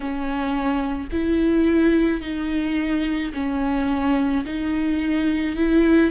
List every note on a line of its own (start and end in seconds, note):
0.00 1.08 C#4
1.12 2.21 E4
2.21 3.32 D#4
3.33 4.44 C#4
4.45 5.56 D#4
5.56 6.11 E4